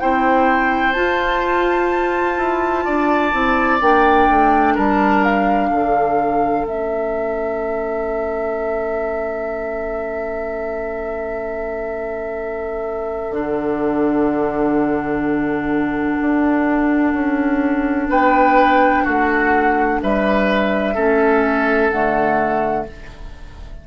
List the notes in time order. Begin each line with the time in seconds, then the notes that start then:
0.00 C4 E4 C5 G5
0.93 F4 A5
2.38 E4
2.85 D4 D5
3.32 C4 E4
3.81 A#3 D4 G5
4.30 A3
4.75 G3 A#4 A5
5.24 F5
5.70 D3 A4
6.66 A3 C#4 E5
13.31 D3 D4 F#5
16.22 D4
17.14 C#4
18.09 B3 B4 G5
19.04 A3 F#4 F#5
20.03 G3 B4 E5
20.95 A3 C#4 A4
21.91 D3 A3 F#5